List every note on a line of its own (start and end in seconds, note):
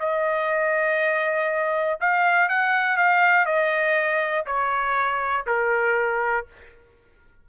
0.00 2.00 D#5
2.01 2.49 F5
2.49 2.97 F#5
2.97 3.46 F5
3.46 4.46 D#5
4.46 5.46 C#5
5.47 6.47 A#4